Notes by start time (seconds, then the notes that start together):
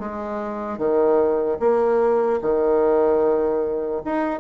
0.00 G#3
0.78 D#3
1.60 A#3
2.42 D#3
4.05 D#4